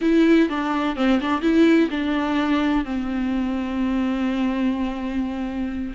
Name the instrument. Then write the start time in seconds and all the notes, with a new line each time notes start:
viola
0.01 E4
0.49 D4
0.96 C4
1.20 D4
1.41 E4
1.90 D4
2.84 C4